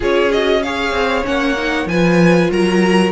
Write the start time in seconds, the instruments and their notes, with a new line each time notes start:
0.00 cello C#4, viola F4, violin G#4 C#5
0.32 viola F#4, violin D#5
0.62 viola G#4, violin C#5 F5
0.91 cello C4
1.23 cello A#3, viola C#4, violin F#5
1.57 viola D#4
1.85 cello F3, viola F4, violin B4 G#5
2.50 cello F#3, violin A#4 A#5